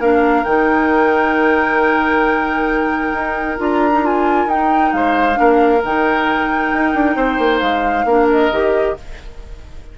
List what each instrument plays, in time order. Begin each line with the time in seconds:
0.00 bassoon A#3, clarinet D4, oboe A#4, flute F5
0.45 bassoon D#3, clarinet D#4, flute G5
3.13 bassoon D#4
3.58 bassoon D4, clarinet F4, flute A#5
3.92 clarinet D#4
4.03 clarinet F4, flute G#5
4.47 bassoon D#4, clarinet D#4, flute G5
4.93 bassoon G#3, oboe C5, flute F5
5.34 clarinet D4
5.40 bassoon A#3, oboe A#4
5.83 bassoon D#3, clarinet D#4, flute G5
6.74 bassoon D#4
6.95 bassoon D4
7.16 bassoon C4, oboe C5
7.39 bassoon A#3
7.60 bassoon G#3, flute F5
8.05 bassoon A#3, clarinet D4, oboe A#4
8.32 flute D#5
8.51 bassoon D#3, clarinet G4